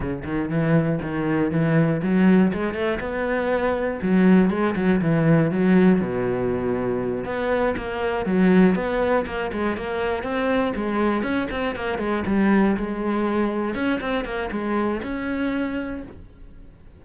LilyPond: \new Staff \with { instrumentName = "cello" } { \time 4/4 \tempo 4 = 120 cis8 dis8 e4 dis4 e4 | fis4 gis8 a8 b2 | fis4 gis8 fis8 e4 fis4 | b,2~ b,8 b4 ais8~ |
ais8 fis4 b4 ais8 gis8 ais8~ | ais8 c'4 gis4 cis'8 c'8 ais8 | gis8 g4 gis2 cis'8 | c'8 ais8 gis4 cis'2 | }